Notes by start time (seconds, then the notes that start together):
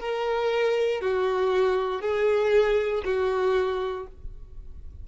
0.00 A#4
1.01 F#4
2.02 G#4
3.05 F#4